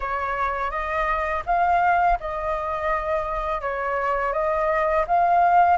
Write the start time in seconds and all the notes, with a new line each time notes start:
0.00 C#5
0.70 D#5
1.46 F5
2.20 D#5
3.61 C#5
4.32 D#5
5.07 F5